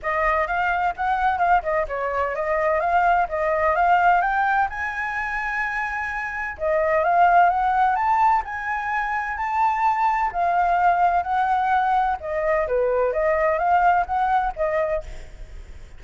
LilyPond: \new Staff \with { instrumentName = "flute" } { \time 4/4 \tempo 4 = 128 dis''4 f''4 fis''4 f''8 dis''8 | cis''4 dis''4 f''4 dis''4 | f''4 g''4 gis''2~ | gis''2 dis''4 f''4 |
fis''4 a''4 gis''2 | a''2 f''2 | fis''2 dis''4 b'4 | dis''4 f''4 fis''4 dis''4 | }